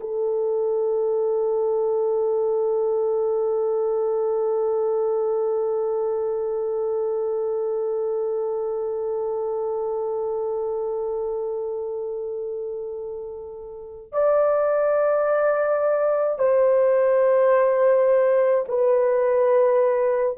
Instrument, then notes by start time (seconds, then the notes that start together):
horn
0.00 A4
14.12 D5
16.38 C5
18.68 B4